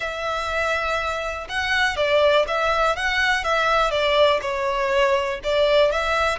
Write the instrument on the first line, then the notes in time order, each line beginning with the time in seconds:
violin
0.00 E5
1.48 F#5
1.96 D5
2.47 E5
2.96 F#5
3.44 E5
3.91 D5
4.41 C#5
5.43 D5
5.91 E5